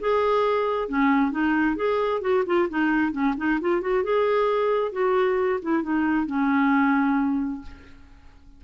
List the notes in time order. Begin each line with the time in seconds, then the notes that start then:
0.00 G#4
0.88 C#4
1.31 D#4
1.76 G#4
2.21 F#4
2.46 F4
2.69 D#4
3.12 C#4
3.37 D#4
3.61 F4
3.81 F#4
4.04 G#4
4.92 F#4
5.62 E4
5.83 D#4
6.26 C#4